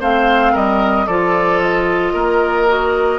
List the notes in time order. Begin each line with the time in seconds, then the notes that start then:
0.00 A3 C4 C5 F5
0.52 G3 A#4 D#5
1.06 F3 F4 A4 D5
1.62 D#5
2.13 A#3 A#4
2.67 F#4